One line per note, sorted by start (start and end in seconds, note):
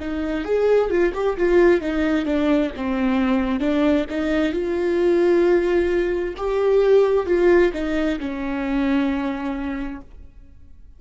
0.00 0.45 D#4
0.45 0.90 G#4
0.90 1.13 F4
1.14 1.37 G4
1.37 1.81 F4
1.81 2.26 D#4
2.26 2.71 D4
2.76 3.60 C4
3.60 4.05 D4
4.10 4.53 D#4
4.53 6.35 F4
6.37 7.26 G4
7.26 7.72 F4
7.74 8.19 D#4
8.19 10.01 C#4